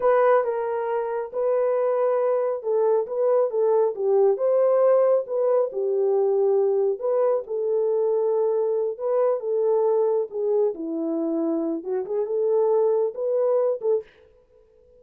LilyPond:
\new Staff \with { instrumentName = "horn" } { \time 4/4 \tempo 4 = 137 b'4 ais'2 b'4~ | b'2 a'4 b'4 | a'4 g'4 c''2 | b'4 g'2. |
b'4 a'2.~ | a'8 b'4 a'2 gis'8~ | gis'8 e'2~ e'8 fis'8 gis'8 | a'2 b'4. a'8 | }